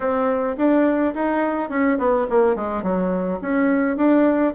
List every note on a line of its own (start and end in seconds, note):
0.00 0.56 C4
0.57 1.13 D4
1.14 1.69 D#4
1.69 1.97 C#4
1.98 2.26 B3
2.29 2.55 A#3
2.55 2.82 G#3
2.82 3.39 F#3
3.41 3.96 C#4
3.96 4.53 D4